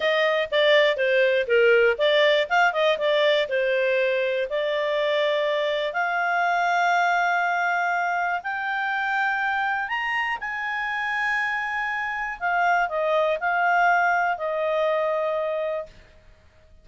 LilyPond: \new Staff \with { instrumentName = "clarinet" } { \time 4/4 \tempo 4 = 121 dis''4 d''4 c''4 ais'4 | d''4 f''8 dis''8 d''4 c''4~ | c''4 d''2. | f''1~ |
f''4 g''2. | ais''4 gis''2.~ | gis''4 f''4 dis''4 f''4~ | f''4 dis''2. | }